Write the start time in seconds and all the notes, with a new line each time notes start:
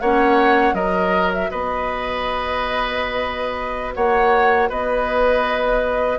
0.00 A#3 C#4 C#5 F#5
0.73 F#3 F#4 A#4 D#5
1.33 E5
1.50 B3 B4 D#5
3.95 A#3 C#5 F#5
4.69 B3 B4 D#5